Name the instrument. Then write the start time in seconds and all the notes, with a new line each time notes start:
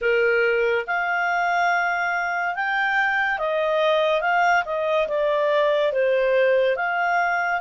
clarinet
0.01 A#4
0.86 F5
2.55 G5
3.38 D#5
4.21 F5
4.65 D#5
5.08 D5
5.92 C5
6.76 F5